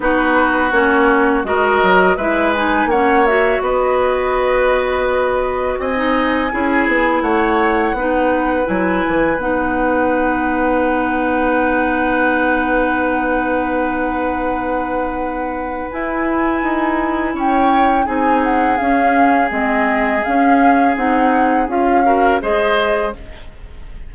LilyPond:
<<
  \new Staff \with { instrumentName = "flute" } { \time 4/4 \tempo 4 = 83 b'4 cis''4 dis''4 e''8 gis''8 | fis''8 e''8 dis''2. | gis''2 fis''2 | gis''4 fis''2.~ |
fis''1~ | fis''2 gis''2 | g''4 gis''8 fis''8 f''4 dis''4 | f''4 fis''4 f''4 dis''4 | }
  \new Staff \with { instrumentName = "oboe" } { \time 4/4 fis'2 ais'4 b'4 | cis''4 b'2. | dis''4 gis'4 cis''4 b'4~ | b'1~ |
b'1~ | b'1 | cis''4 gis'2.~ | gis'2~ gis'8 ais'8 c''4 | }
  \new Staff \with { instrumentName = "clarinet" } { \time 4/4 dis'4 cis'4 fis'4 e'8 dis'8 | cis'8 fis'2.~ fis'8~ | fis'16 dis'8. e'2 dis'4 | e'4 dis'2.~ |
dis'1~ | dis'2 e'2~ | e'4 dis'4 cis'4 c'4 | cis'4 dis'4 f'8 fis'8 gis'4 | }
  \new Staff \with { instrumentName = "bassoon" } { \time 4/4 b4 ais4 gis8 fis8 gis4 | ais4 b2. | c'4 cis'8 b8 a4 b4 | fis8 e8 b2.~ |
b1~ | b2 e'4 dis'4 | cis'4 c'4 cis'4 gis4 | cis'4 c'4 cis'4 gis4 | }
>>